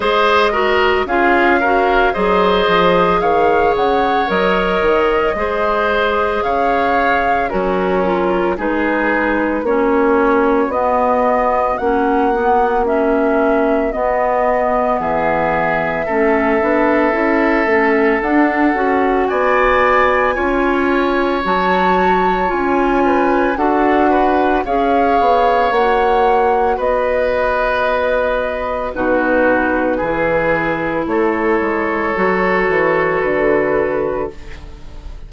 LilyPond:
<<
  \new Staff \with { instrumentName = "flute" } { \time 4/4 \tempo 4 = 56 dis''4 f''4 dis''4 f''8 fis''8 | dis''2 f''4 ais'4 | b'4 cis''4 dis''4 fis''4 | e''4 dis''4 e''2~ |
e''4 fis''4 gis''2 | a''4 gis''4 fis''4 f''4 | fis''4 dis''2 b'4~ | b'4 cis''2 b'4 | }
  \new Staff \with { instrumentName = "oboe" } { \time 4/4 c''8 ais'8 gis'8 ais'8 c''4 cis''4~ | cis''4 c''4 cis''4 cis'4 | gis'4 fis'2.~ | fis'2 gis'4 a'4~ |
a'2 d''4 cis''4~ | cis''4. b'8 a'8 b'8 cis''4~ | cis''4 b'2 fis'4 | gis'4 a'2. | }
  \new Staff \with { instrumentName = "clarinet" } { \time 4/4 gis'8 fis'8 f'8 fis'8 gis'2 | ais'4 gis'2 fis'8 f'8 | dis'4 cis'4 b4 cis'8 b8 | cis'4 b2 cis'8 d'8 |
e'8 cis'8 d'8 fis'4. f'4 | fis'4 f'4 fis'4 gis'4 | fis'2. dis'4 | e'2 fis'2 | }
  \new Staff \with { instrumentName = "bassoon" } { \time 4/4 gis4 cis'4 fis8 f8 dis8 cis8 | fis8 dis8 gis4 cis4 fis4 | gis4 ais4 b4 ais4~ | ais4 b4 e4 a8 b8 |
cis'8 a8 d'8 cis'8 b4 cis'4 | fis4 cis'4 d'4 cis'8 b8 | ais4 b2 b,4 | e4 a8 gis8 fis8 e8 d4 | }
>>